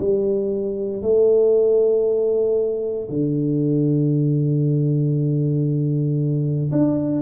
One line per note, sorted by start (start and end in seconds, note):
0.00 1.02 G3
1.02 3.09 A3
3.09 6.71 D3
6.72 7.22 D4